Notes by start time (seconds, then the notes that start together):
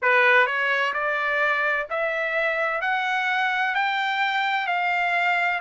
0.02 B4
0.46 C#5
0.93 D5
1.90 E5
2.81 F#5
3.75 G5
4.66 F5